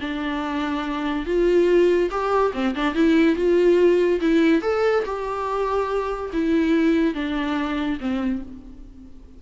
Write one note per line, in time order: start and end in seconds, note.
0.00 1.26 D4
1.26 2.10 F4
2.11 2.53 G4
2.53 2.74 C4
2.75 2.95 D4
2.95 3.36 E4
3.36 4.20 F4
4.21 4.62 E4
4.62 5.04 A4
5.05 6.31 G4
6.33 7.14 E4
7.14 7.98 D4
8.00 8.42 C4